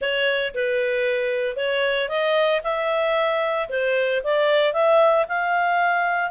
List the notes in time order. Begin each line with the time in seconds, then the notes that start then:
0.01 C#5
0.54 B4
1.56 C#5
2.08 D#5
2.63 E5
3.69 C5
4.23 D5
4.73 E5
5.28 F5